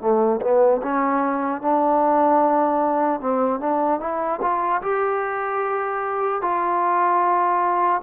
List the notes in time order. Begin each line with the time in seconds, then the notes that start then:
0.00 A3
0.41 B3
0.82 C#4
1.61 D4
3.20 C4
3.60 D4
4.00 E4
4.41 F4
4.82 G4
6.41 F4